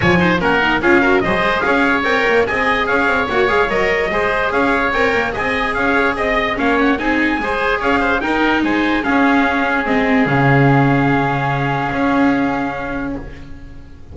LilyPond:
<<
  \new Staff \with { instrumentName = "trumpet" } { \time 4/4 \tempo 4 = 146 gis''4 fis''4 f''4 dis''4 | f''4 g''4 gis''4 f''4 | fis''8 f''8 dis''2 f''4 | g''4 gis''4 f''4 dis''4 |
f''8 fis''8 gis''2 f''4 | g''4 gis''4 f''2 | dis''4 f''2.~ | f''1 | }
  \new Staff \with { instrumentName = "oboe" } { \time 4/4 cis''8 c''8 ais'4 gis'8 ais'8 c''4 | cis''2 dis''4 cis''4~ | cis''2 c''4 cis''4~ | cis''4 dis''4 cis''4 dis''4 |
cis''4 gis'4 c''4 cis''8 c''8 | ais'4 c''4 gis'2~ | gis'1~ | gis'1 | }
  \new Staff \with { instrumentName = "viola" } { \time 4/4 f'8 dis'8 cis'8 dis'8 f'8 fis'8 gis'4~ | gis'4 ais'4 gis'2 | fis'8 gis'8 ais'4 gis'2 | ais'4 gis'2. |
cis'4 dis'4 gis'2 | dis'2 cis'2 | c'4 cis'2.~ | cis'1 | }
  \new Staff \with { instrumentName = "double bass" } { \time 4/4 f4 ais4 cis'4 fis8 gis8 | cis'4 c'8 ais8 c'4 cis'8 c'8 | ais8 gis8 fis4 gis4 cis'4 | c'8 ais8 c'4 cis'4 c'4 |
ais4 c'4 gis4 cis'4 | dis'4 gis4 cis'2 | gis4 cis2.~ | cis4 cis'2. | }
>>